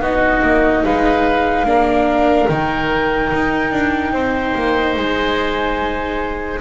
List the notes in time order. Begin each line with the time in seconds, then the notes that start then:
0.00 B3 D#4 F#4 D#5
0.43 A#3
0.85 G#3 B4 F5
1.65 A#3 D4 A#4
2.49 D#3 D#4 G5
3.33 D#4
3.72 D4
4.13 C4 C5
4.55 A#3
4.96 G#3 G#5